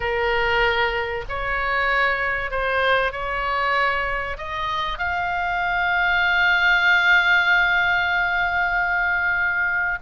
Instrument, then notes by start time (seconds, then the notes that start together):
oboe
0.00 A#4
1.28 C#5
2.51 C5
3.12 C#5
4.37 D#5
4.98 F5